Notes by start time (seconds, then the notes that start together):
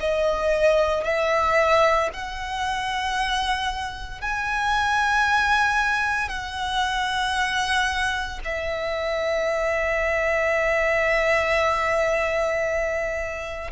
0.00 D#5
1.04 E5
2.13 F#5
4.21 G#5
6.29 F#5
8.44 E5